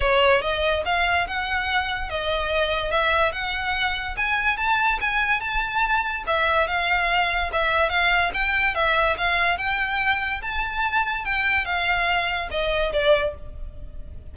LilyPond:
\new Staff \with { instrumentName = "violin" } { \time 4/4 \tempo 4 = 144 cis''4 dis''4 f''4 fis''4~ | fis''4 dis''2 e''4 | fis''2 gis''4 a''4 | gis''4 a''2 e''4 |
f''2 e''4 f''4 | g''4 e''4 f''4 g''4~ | g''4 a''2 g''4 | f''2 dis''4 d''4 | }